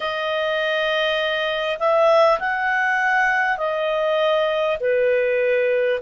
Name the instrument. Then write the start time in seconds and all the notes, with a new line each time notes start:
clarinet
0.00 D#5
1.79 E5
2.39 F#5
3.57 D#5
4.80 B4